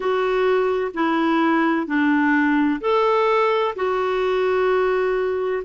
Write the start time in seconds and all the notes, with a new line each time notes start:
0.00 F#4
0.94 E4
1.86 D4
2.80 A4
3.75 F#4